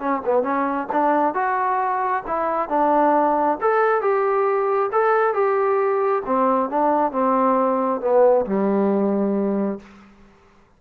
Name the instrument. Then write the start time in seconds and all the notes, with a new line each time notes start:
trombone
0.00 C#4
0.26 B3
0.43 C#4
0.92 D4
1.35 F#4
2.27 E4
2.69 D4
3.61 A4
4.02 G4
4.93 A4
5.34 G4
6.26 C4
6.70 D4
7.12 C4
8.01 B3
8.46 G3